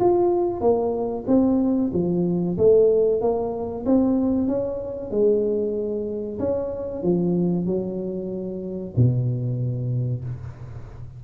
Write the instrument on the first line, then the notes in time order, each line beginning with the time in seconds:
tuba
0.00 F4
0.61 A#3
1.27 C4
1.93 F3
2.58 A3
3.21 A#3
3.86 C4
4.48 C#4
5.11 G#3
6.39 C#4
7.03 F3
7.66 F#3
8.97 B2